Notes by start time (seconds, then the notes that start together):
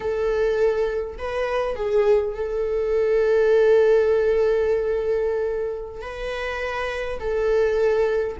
0.00 A4
1.18 B4
1.75 G#4
2.34 A4
6.01 B4
7.19 A4